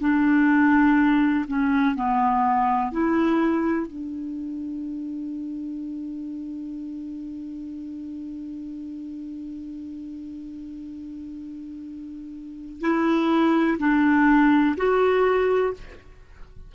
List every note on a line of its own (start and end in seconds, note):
0.00 1.45 D4
1.48 1.95 C#4
1.95 2.91 B3
2.91 3.87 E4
3.87 12.80 D4
12.80 13.77 E4
13.79 14.75 D4
14.77 15.73 F#4